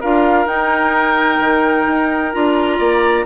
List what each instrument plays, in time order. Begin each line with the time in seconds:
0.00 bassoon D4, clarinet F4, oboe A#4, flute F5
0.45 bassoon D#4, clarinet D#4, flute G5
1.40 bassoon D#3
1.87 bassoon D#4
2.32 bassoon D4, clarinet F4, flute A#5
2.78 bassoon A#3, oboe D5